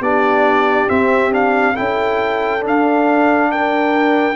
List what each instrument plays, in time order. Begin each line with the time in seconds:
0.00 tuba B3, trombone D4, horn G4, trumpet D5
0.88 trombone C4, tuba C4, trumpet E5
1.31 trombone D4, trumpet F5
1.75 tuba C#4, trombone E4, horn A4, trumpet G5
2.60 trombone D4, tuba D4
2.67 trumpet F5
3.51 horn A#4, trumpet G5